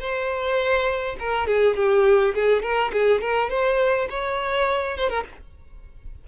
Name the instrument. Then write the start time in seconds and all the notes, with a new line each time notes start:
violin
0.00 C5
1.20 A#4
1.47 G#4
1.76 G4
2.35 G#4
2.63 A#4
2.93 G#4
3.21 A#4
3.50 C5
4.10 C#5
4.98 C5
5.10 A#4